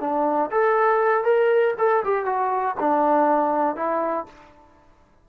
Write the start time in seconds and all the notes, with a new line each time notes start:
0.00 D4
0.51 A4
1.24 A#4
1.78 A4
2.04 G4
2.25 F#4
2.80 D4
3.76 E4